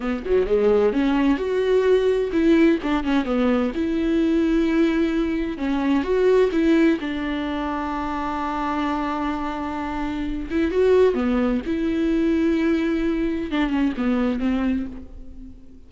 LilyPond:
\new Staff \with { instrumentName = "viola" } { \time 4/4 \tempo 4 = 129 b8 fis8 gis4 cis'4 fis'4~ | fis'4 e'4 d'8 cis'8 b4 | e'1 | cis'4 fis'4 e'4 d'4~ |
d'1~ | d'2~ d'8 e'8 fis'4 | b4 e'2.~ | e'4 d'8 cis'8 b4 c'4 | }